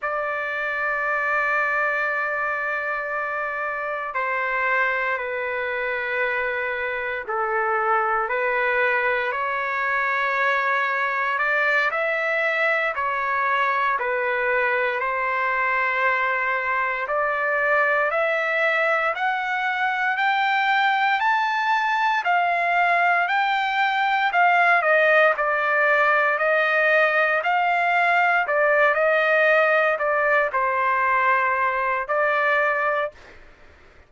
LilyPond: \new Staff \with { instrumentName = "trumpet" } { \time 4/4 \tempo 4 = 58 d''1 | c''4 b'2 a'4 | b'4 cis''2 d''8 e''8~ | e''8 cis''4 b'4 c''4.~ |
c''8 d''4 e''4 fis''4 g''8~ | g''8 a''4 f''4 g''4 f''8 | dis''8 d''4 dis''4 f''4 d''8 | dis''4 d''8 c''4. d''4 | }